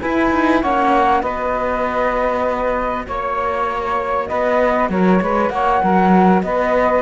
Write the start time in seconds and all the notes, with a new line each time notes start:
0.00 E4 B4 G#5
0.32 D#4
0.61 A#3 C#4 C#5 F#5
1.21 B3 F#4 B4 D#5
3.07 A#3 C#5
4.28 B3 B4 D#5
4.90 F#3 A#4 C#5
5.22 G#3 B4
5.50 A#3 C#5 F#5
5.82 F#3 A#4
6.42 B3 B4 D#5